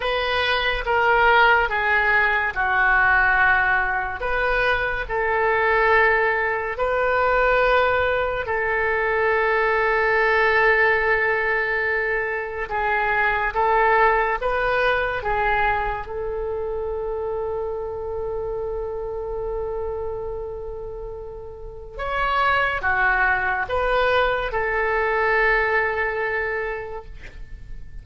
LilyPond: \new Staff \with { instrumentName = "oboe" } { \time 4/4 \tempo 4 = 71 b'4 ais'4 gis'4 fis'4~ | fis'4 b'4 a'2 | b'2 a'2~ | a'2. gis'4 |
a'4 b'4 gis'4 a'4~ | a'1~ | a'2 cis''4 fis'4 | b'4 a'2. | }